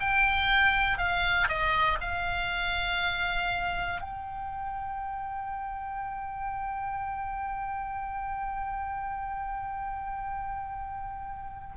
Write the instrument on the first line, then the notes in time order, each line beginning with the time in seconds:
oboe
0.00 G5
0.98 F5
1.49 D#5
2.01 F5
4.01 G5